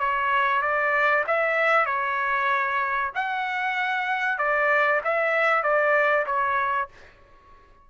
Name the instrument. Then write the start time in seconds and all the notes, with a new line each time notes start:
trumpet
0.00 C#5
0.62 D5
1.27 E5
1.86 C#5
3.15 F#5
4.39 D5
5.05 E5
5.63 D5
6.26 C#5